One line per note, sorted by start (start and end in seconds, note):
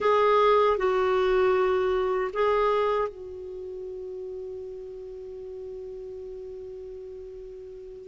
0.00 0.77 G#4
0.77 2.31 F#4
2.33 3.08 G#4
3.08 8.08 F#4